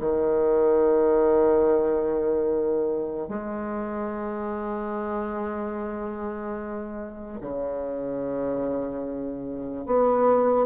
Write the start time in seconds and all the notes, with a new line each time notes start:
0.00 D#3
3.28 G#3
7.41 C#3
9.86 B3